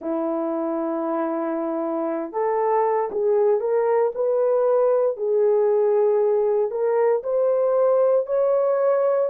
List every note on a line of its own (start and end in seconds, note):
0.01 2.32 E4
2.32 3.09 A4
3.11 3.60 G#4
3.60 4.11 A#4
4.14 5.17 B4
5.17 6.70 G#4
6.70 7.22 A#4
7.23 8.26 C5
8.26 9.30 C#5